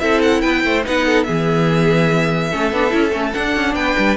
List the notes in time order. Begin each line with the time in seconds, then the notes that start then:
0.00 C4 E4 A4 E5
0.22 F#5
0.41 B3 B4 G5
0.65 A3 C5
0.85 B3 D#4 B4 F#5
1.06 A4
1.24 E3 B3 G#4 E5
2.50 A3 C#4 A4
2.73 B3 D4
2.90 C#4 E4
3.12 A3 C#4
3.33 D4 F#5
3.56 C#4
3.75 B3 B4 G5
3.99 G3